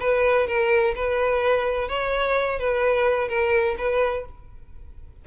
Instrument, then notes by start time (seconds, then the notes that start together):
violin
0.00 B4
0.47 A#4
0.95 B4
1.89 C#5
2.59 B4
3.29 A#4
3.78 B4